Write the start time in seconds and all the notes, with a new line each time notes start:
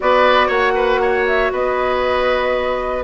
0.00 B3 F#4 B4 D5
0.47 A#3 C#5 F#5
0.75 B4
1.01 C#5
1.27 E5
1.51 B3 B4 D#5